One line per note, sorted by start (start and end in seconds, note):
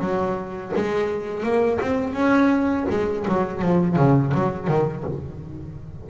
0.00 0.72 F#3
0.76 1.43 G#3
1.43 1.79 A#3
1.80 2.14 C4
2.14 2.86 C#4
2.90 3.26 G#3
3.28 3.62 F#3
3.62 3.96 F3
3.96 4.32 C#3
4.34 4.68 F#3
4.68 5.04 D#3